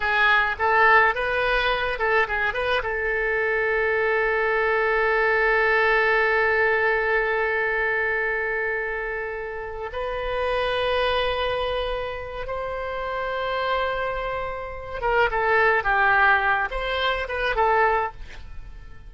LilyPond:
\new Staff \with { instrumentName = "oboe" } { \time 4/4 \tempo 4 = 106 gis'4 a'4 b'4. a'8 | gis'8 b'8 a'2.~ | a'1~ | a'1~ |
a'4. b'2~ b'8~ | b'2 c''2~ | c''2~ c''8 ais'8 a'4 | g'4. c''4 b'8 a'4 | }